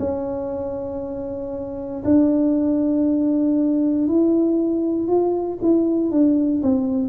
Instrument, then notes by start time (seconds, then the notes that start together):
tuba
0.00 C#4
2.05 D4
4.08 E4
5.08 F4
5.63 E4
6.12 D4
6.63 C4